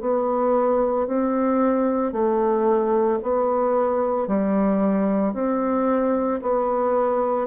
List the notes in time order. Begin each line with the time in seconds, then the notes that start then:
0.00 B3
1.07 C4
2.12 A3
3.22 B3
4.27 G3
5.33 C4
6.42 B3